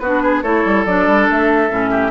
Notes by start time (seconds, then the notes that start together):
0.00 B3 D4 F#4 B4
0.23 G#4
0.43 A3 E4 A4 C#5
0.65 G3
0.86 F#3 D4 D5
1.07 G3
1.30 A3 E5
1.70 A2 C#4
1.91 G4